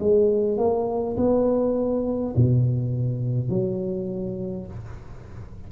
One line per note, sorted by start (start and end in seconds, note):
0.00 0.58 G#3
0.58 1.17 A#3
1.17 2.35 B3
2.36 3.50 B2
3.50 4.67 F#3